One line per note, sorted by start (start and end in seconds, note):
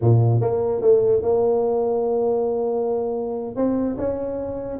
0.01 0.40 A#2
0.40 0.81 A#3
0.81 1.22 A3
1.22 3.56 A#3
3.56 3.96 C4
3.98 4.79 C#4